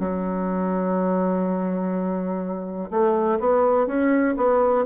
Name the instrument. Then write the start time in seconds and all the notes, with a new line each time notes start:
bassoon
0.00 F#3
2.90 A3
3.40 B3
3.87 C#4
4.37 B3